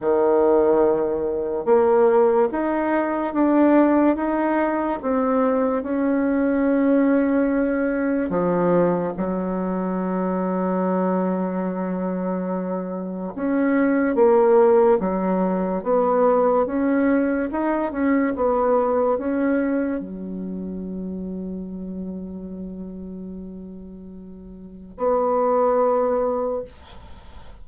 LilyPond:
\new Staff \with { instrumentName = "bassoon" } { \time 4/4 \tempo 4 = 72 dis2 ais4 dis'4 | d'4 dis'4 c'4 cis'4~ | cis'2 f4 fis4~ | fis1 |
cis'4 ais4 fis4 b4 | cis'4 dis'8 cis'8 b4 cis'4 | fis1~ | fis2 b2 | }